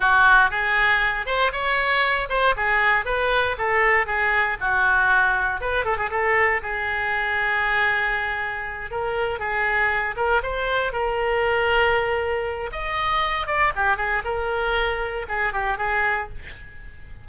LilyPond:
\new Staff \with { instrumentName = "oboe" } { \time 4/4 \tempo 4 = 118 fis'4 gis'4. c''8 cis''4~ | cis''8 c''8 gis'4 b'4 a'4 | gis'4 fis'2 b'8 a'16 gis'16 | a'4 gis'2.~ |
gis'4. ais'4 gis'4. | ais'8 c''4 ais'2~ ais'8~ | ais'4 dis''4. d''8 g'8 gis'8 | ais'2 gis'8 g'8 gis'4 | }